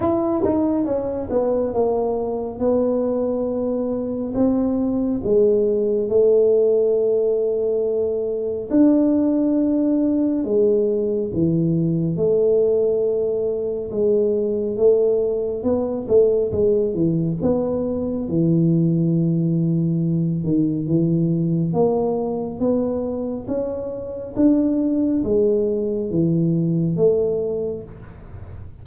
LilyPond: \new Staff \with { instrumentName = "tuba" } { \time 4/4 \tempo 4 = 69 e'8 dis'8 cis'8 b8 ais4 b4~ | b4 c'4 gis4 a4~ | a2 d'2 | gis4 e4 a2 |
gis4 a4 b8 a8 gis8 e8 | b4 e2~ e8 dis8 | e4 ais4 b4 cis'4 | d'4 gis4 e4 a4 | }